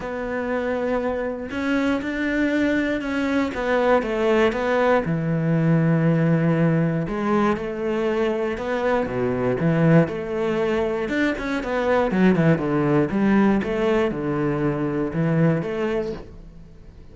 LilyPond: \new Staff \with { instrumentName = "cello" } { \time 4/4 \tempo 4 = 119 b2. cis'4 | d'2 cis'4 b4 | a4 b4 e2~ | e2 gis4 a4~ |
a4 b4 b,4 e4 | a2 d'8 cis'8 b4 | fis8 e8 d4 g4 a4 | d2 e4 a4 | }